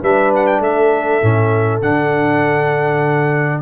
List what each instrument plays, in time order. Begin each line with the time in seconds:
0.00 tuba G3, trombone D4, horn B4, trumpet E5
0.35 trumpet F#5
0.46 trumpet G5
0.59 tuba A3, horn A4, trumpet E5
1.22 tuba A2, trombone C#4
1.81 tuba D3, trombone D4, trumpet F#5